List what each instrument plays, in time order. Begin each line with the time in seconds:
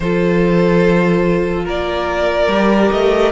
0.00 cello F3, viola F4, violin A4 C5
1.65 cello A#3, violin A#4 D5
2.48 cello G3, viola G4
2.91 cello A3, violin D#5